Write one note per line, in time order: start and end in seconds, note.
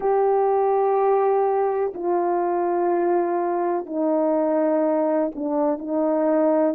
0.00 1.93 G4
1.94 3.85 F4
3.85 5.30 D#4
5.35 5.78 D4
5.78 6.74 D#4